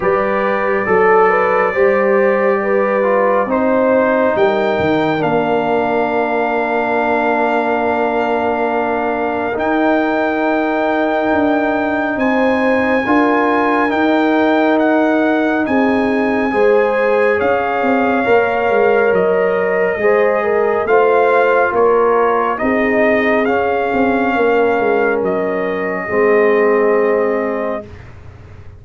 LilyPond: <<
  \new Staff \with { instrumentName = "trumpet" } { \time 4/4 \tempo 4 = 69 d''1 | c''4 g''4 f''2~ | f''2. g''4~ | g''2 gis''2 |
g''4 fis''4 gis''2 | f''2 dis''2 | f''4 cis''4 dis''4 f''4~ | f''4 dis''2. | }
  \new Staff \with { instrumentName = "horn" } { \time 4/4 b'4 a'8 b'8 c''4 b'4 | c''4 ais'2.~ | ais'1~ | ais'2 c''4 ais'4~ |
ais'2 gis'4 c''4 | cis''2. c''8 ais'8 | c''4 ais'4 gis'2 | ais'2 gis'2 | }
  \new Staff \with { instrumentName = "trombone" } { \time 4/4 g'4 a'4 g'4. f'8 | dis'2 d'2~ | d'2. dis'4~ | dis'2. f'4 |
dis'2. gis'4~ | gis'4 ais'2 gis'4 | f'2 dis'4 cis'4~ | cis'2 c'2 | }
  \new Staff \with { instrumentName = "tuba" } { \time 4/4 g4 fis4 g2 | c'4 g8 dis8 ais2~ | ais2. dis'4~ | dis'4 d'4 c'4 d'4 |
dis'2 c'4 gis4 | cis'8 c'8 ais8 gis8 fis4 gis4 | a4 ais4 c'4 cis'8 c'8 | ais8 gis8 fis4 gis2 | }
>>